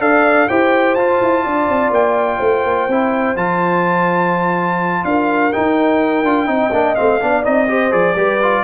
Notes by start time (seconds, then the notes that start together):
0.00 D4 A4 D5 F5
0.48 E4 G4 C5 G5
0.95 F4 A5
1.21 E4
1.45 D4 D5
1.69 C4
1.91 A#3 G5
2.38 A3 C5
2.65 A#3
2.88 C4 E4
3.36 F3 F4 A5
5.05 D4 A#4 F5
5.53 D#4 G5
6.24 D4 F4
6.46 C4 D#4 D#5
6.73 A#3 D4
6.95 A3 C4 F5
7.21 B3 D4 D5
7.44 C4 D#4 D#5
7.68 G4 C5
7.91 F3 G#4 D5
8.15 G3 G4 B4
8.43 F4